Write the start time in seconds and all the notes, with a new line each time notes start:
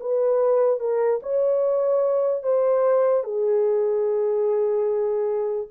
0.00 B4
0.80 A#4
1.22 C#5
2.43 C5
3.24 G#4